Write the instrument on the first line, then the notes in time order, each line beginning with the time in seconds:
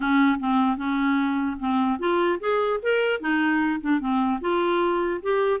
clarinet
0.00 C#4
0.39 C4
0.77 C#4
1.59 C4
1.99 F4
2.39 G#4
2.82 A#4
3.20 D#4
3.80 D4
4.00 C4
4.40 F4
5.22 G4